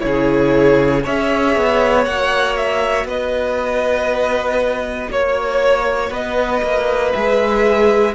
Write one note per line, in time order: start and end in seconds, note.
0.00 1.07 C#3
0.00 1.02 E4
0.00 1.02 C#5
0.06 1.04 G#4
1.04 1.57 C#4
1.04 2.08 G#4
1.04 3.07 C#5
1.04 2.04 E5
1.57 2.07 B3
2.04 3.05 A#3
2.04 7.14 F#4
2.04 2.55 F#5
2.57 3.08 E5
3.05 5.08 B3
3.05 5.11 B4
3.05 5.12 D#5
5.10 6.11 A#3
5.10 6.13 C#5
5.10 6.10 C#5
6.10 6.62 B3
6.10 8.14 B4
6.10 7.13 D#5
6.63 7.14 A#3
7.13 8.15 G#3
7.13 8.15 G#4
7.13 8.15 E5